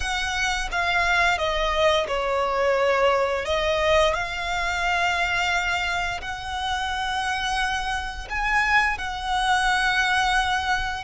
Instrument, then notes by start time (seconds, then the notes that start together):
violin
0.00 F#5
0.71 F5
1.38 D#5
2.07 C#5
3.45 D#5
4.14 F5
6.21 F#5
8.29 G#5
8.97 F#5